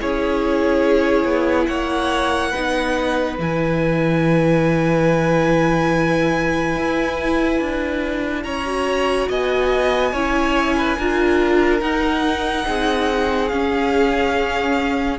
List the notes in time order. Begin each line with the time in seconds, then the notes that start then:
0.00 C#4 E4 G#4 C#5
1.24 B3
1.66 A#3 C#5 F#5
2.51 B3 D#4 B4
3.38 E3 E4 G#5
6.76 E4
7.60 D4
8.43 C#4 C#5 A#5
8.66 F#4
9.29 B3 D#5 G#5
10.12 C#4 E4 C#5
10.77 B4
10.98 D4 F4 A#4
11.81 D#4 F#5
12.66 C4 G#4
13.48 C#4 F5